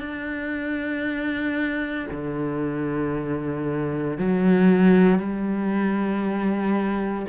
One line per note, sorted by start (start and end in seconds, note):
0.00 2.07 D4
2.12 4.18 D3
4.18 5.19 F#3
5.19 7.26 G3